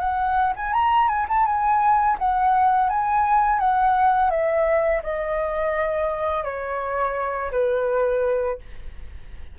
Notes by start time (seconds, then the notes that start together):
0.00 F#5
0.56 G#5
0.73 A#5
1.08 G#5
1.29 A5
1.46 G#5
2.19 F#5
2.90 G#5
3.60 F#5
4.31 E5
5.03 D#5
6.44 C#5
7.52 B4